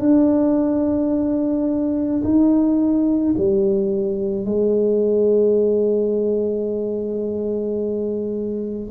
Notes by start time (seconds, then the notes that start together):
0.00 D4
2.24 D#4
3.37 G3
4.45 G#3